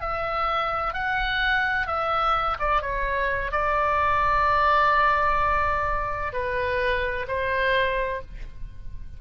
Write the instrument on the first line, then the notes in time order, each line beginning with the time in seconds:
oboe
0.00 E5
0.93 F#5
1.87 E5
2.59 D5
2.82 C#5
3.52 D5
6.33 B4
7.27 C5